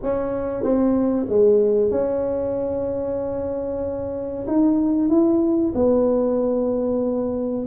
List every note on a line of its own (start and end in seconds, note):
0.02 0.63 C#4
0.63 1.26 C4
1.28 1.90 G#3
1.90 4.46 C#4
4.47 5.09 D#4
5.09 5.72 E4
5.74 7.66 B3